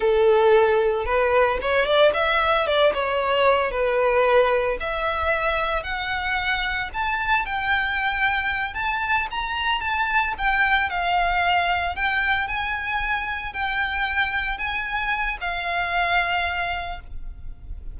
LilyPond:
\new Staff \with { instrumentName = "violin" } { \time 4/4 \tempo 4 = 113 a'2 b'4 cis''8 d''8 | e''4 d''8 cis''4. b'4~ | b'4 e''2 fis''4~ | fis''4 a''4 g''2~ |
g''8 a''4 ais''4 a''4 g''8~ | g''8 f''2 g''4 gis''8~ | gis''4. g''2 gis''8~ | gis''4 f''2. | }